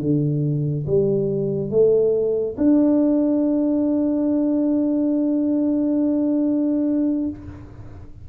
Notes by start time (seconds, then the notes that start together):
0.00 D3
0.86 G3
1.70 A3
2.58 D4